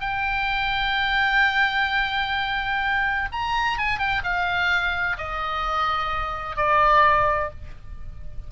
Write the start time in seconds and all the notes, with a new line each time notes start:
0.00 G5
3.32 A#5
3.78 G#5
3.98 G5
4.23 F5
5.17 D#5
6.56 D5